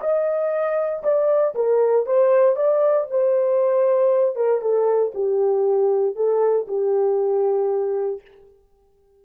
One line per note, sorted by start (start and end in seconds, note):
0.00 1.03 D#5
1.03 1.54 D5
1.54 2.06 A#4
2.06 2.55 C5
2.55 3.07 D5
3.10 4.35 C5
4.35 4.61 A#4
4.61 5.12 A4
5.14 6.15 G4
6.15 6.66 A4
6.67 8.21 G4